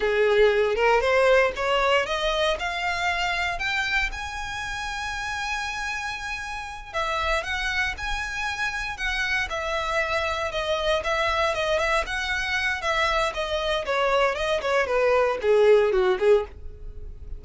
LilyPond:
\new Staff \with { instrumentName = "violin" } { \time 4/4 \tempo 4 = 117 gis'4. ais'8 c''4 cis''4 | dis''4 f''2 g''4 | gis''1~ | gis''4. e''4 fis''4 gis''8~ |
gis''4. fis''4 e''4.~ | e''8 dis''4 e''4 dis''8 e''8 fis''8~ | fis''4 e''4 dis''4 cis''4 | dis''8 cis''8 b'4 gis'4 fis'8 gis'8 | }